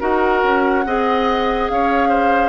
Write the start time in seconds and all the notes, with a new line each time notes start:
0.00 D#4 F#4 A#4 F#5
0.44 C#4
0.85 C4 G#4 D#5
1.70 C#4 C#5 F5
2.09 C5